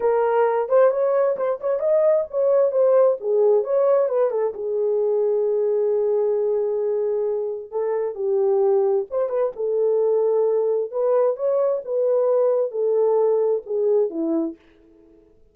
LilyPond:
\new Staff \with { instrumentName = "horn" } { \time 4/4 \tempo 4 = 132 ais'4. c''8 cis''4 c''8 cis''8 | dis''4 cis''4 c''4 gis'4 | cis''4 b'8 a'8 gis'2~ | gis'1~ |
gis'4 a'4 g'2 | c''8 b'8 a'2. | b'4 cis''4 b'2 | a'2 gis'4 e'4 | }